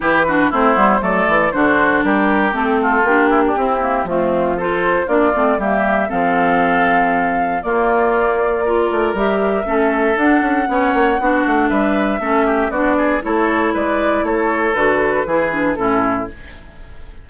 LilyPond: <<
  \new Staff \with { instrumentName = "flute" } { \time 4/4 \tempo 4 = 118 b'4 c''4 d''4 c''4 | ais'4 a'4 g'2 | f'4 c''4 d''4 e''4 | f''2. d''4~ |
d''2 e''2 | fis''2. e''4~ | e''4 d''4 cis''4 d''4 | cis''4 b'2 a'4 | }
  \new Staff \with { instrumentName = "oboe" } { \time 4/4 g'8 fis'8 e'4 a'4 fis'4 | g'4. f'4 e'16 d'16 e'4 | c'4 a'4 f'4 g'4 | a'2. f'4~ |
f'4 ais'2 a'4~ | a'4 cis''4 fis'4 b'4 | a'8 g'8 fis'8 gis'8 a'4 b'4 | a'2 gis'4 e'4 | }
  \new Staff \with { instrumentName = "clarinet" } { \time 4/4 e'8 d'8 c'8 b8 a4 d'4~ | d'4 c'4 d'4 c'8 ais8 | a4 f'4 d'8 c'8 ais4 | c'2. ais4~ |
ais4 f'4 g'4 cis'4 | d'4 cis'4 d'2 | cis'4 d'4 e'2~ | e'4 fis'4 e'8 d'8 cis'4 | }
  \new Staff \with { instrumentName = "bassoon" } { \time 4/4 e4 a8 g8 fis8 e8 d4 | g4 a4 ais4 c'4 | f2 ais8 a8 g4 | f2. ais4~ |
ais4. a8 g4 a4 | d'8 cis'8 b8 ais8 b8 a8 g4 | a4 b4 a4 gis4 | a4 d4 e4 a,4 | }
>>